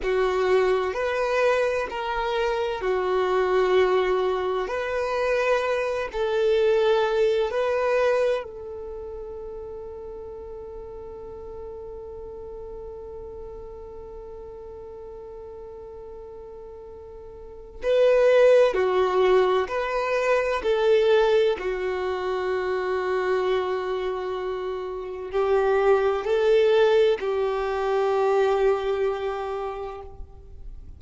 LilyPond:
\new Staff \with { instrumentName = "violin" } { \time 4/4 \tempo 4 = 64 fis'4 b'4 ais'4 fis'4~ | fis'4 b'4. a'4. | b'4 a'2.~ | a'1~ |
a'2. b'4 | fis'4 b'4 a'4 fis'4~ | fis'2. g'4 | a'4 g'2. | }